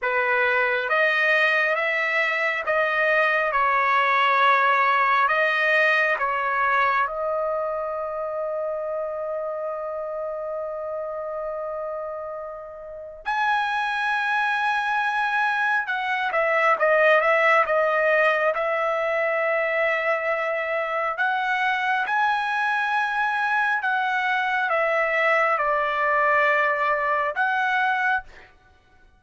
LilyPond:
\new Staff \with { instrumentName = "trumpet" } { \time 4/4 \tempo 4 = 68 b'4 dis''4 e''4 dis''4 | cis''2 dis''4 cis''4 | dis''1~ | dis''2. gis''4~ |
gis''2 fis''8 e''8 dis''8 e''8 | dis''4 e''2. | fis''4 gis''2 fis''4 | e''4 d''2 fis''4 | }